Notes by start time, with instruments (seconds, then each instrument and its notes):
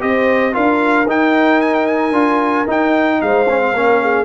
0.00 tuba C4, trombone G4, horn C5, trumpet D#5
0.53 tuba D4, trombone F4, horn A#4, trumpet F5
1.06 tuba D#4, trombone D#4, trumpet G5
1.61 trumpet G#5
1.74 trumpet G5
1.86 trumpet G#5
2.12 tuba D4, trombone F4
2.67 tuba D#4, trombone D#4, trumpet G5
3.21 tuba G#3, horn C5, trumpet F5
3.48 trombone C#4
3.60 trombone C4
3.73 tuba A#3, trombone C#4, horn A#4
4.02 horn G#4